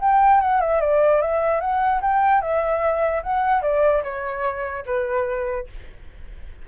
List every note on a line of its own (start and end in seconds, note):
0.00 0.41 G5
0.41 0.61 F#5
0.61 0.81 E5
0.81 1.21 D5
1.22 1.61 E5
1.61 2.01 F#5
2.01 2.42 G5
2.42 3.23 E5
3.23 3.62 F#5
3.62 4.03 D5
4.03 4.84 C#5
4.86 5.67 B4